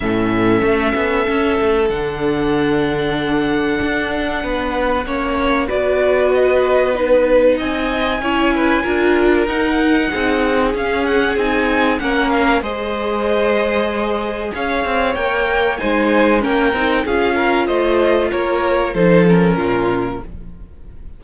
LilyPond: <<
  \new Staff \with { instrumentName = "violin" } { \time 4/4 \tempo 4 = 95 e''2. fis''4~ | fis''1~ | fis''4 d''4 dis''4 b'4 | gis''2. fis''4~ |
fis''4 f''8 fis''8 gis''4 fis''8 f''8 | dis''2. f''4 | g''4 gis''4 g''4 f''4 | dis''4 cis''4 c''8 ais'4. | }
  \new Staff \with { instrumentName = "violin" } { \time 4/4 a'1~ | a'2. b'4 | cis''4 b'2. | dis''4 cis''8 b'8 ais'2 |
gis'2. ais'4 | c''2. cis''4~ | cis''4 c''4 ais'4 gis'8 ais'8 | c''4 ais'4 a'4 f'4 | }
  \new Staff \with { instrumentName = "viola" } { \time 4/4 cis'2. d'4~ | d'1 | cis'4 fis'2 dis'4~ | dis'4 e'4 f'4 dis'4~ |
dis'4 cis'4 dis'4 cis'4 | gis'1 | ais'4 dis'4 cis'8 dis'8 f'4~ | f'2 dis'8 cis'4. | }
  \new Staff \with { instrumentName = "cello" } { \time 4/4 a,4 a8 b8 cis'8 a8 d4~ | d2 d'4 b4 | ais4 b2. | c'4 cis'4 d'4 dis'4 |
c'4 cis'4 c'4 ais4 | gis2. cis'8 c'8 | ais4 gis4 ais8 c'8 cis'4 | a4 ais4 f4 ais,4 | }
>>